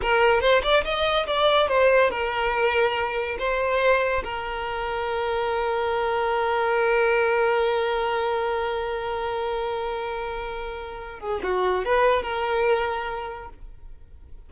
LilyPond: \new Staff \with { instrumentName = "violin" } { \time 4/4 \tempo 4 = 142 ais'4 c''8 d''8 dis''4 d''4 | c''4 ais'2. | c''2 ais'2~ | ais'1~ |
ais'1~ | ais'1~ | ais'2~ ais'8 gis'8 fis'4 | b'4 ais'2. | }